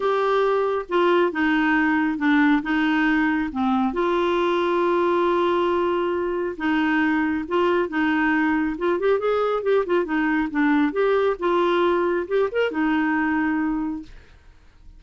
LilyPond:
\new Staff \with { instrumentName = "clarinet" } { \time 4/4 \tempo 4 = 137 g'2 f'4 dis'4~ | dis'4 d'4 dis'2 | c'4 f'2.~ | f'2. dis'4~ |
dis'4 f'4 dis'2 | f'8 g'8 gis'4 g'8 f'8 dis'4 | d'4 g'4 f'2 | g'8 ais'8 dis'2. | }